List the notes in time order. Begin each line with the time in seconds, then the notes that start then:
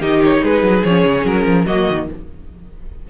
0.00 D#3 D#4 G4 D#5
0.24 C#5
0.42 G#3 G#4 B4
0.62 F#3
0.84 F3 C#4 C#5
1.04 C#3
1.25 F#3 A#4
1.45 F3
1.64 F#3 A#3 F#4 D#5
1.89 D#3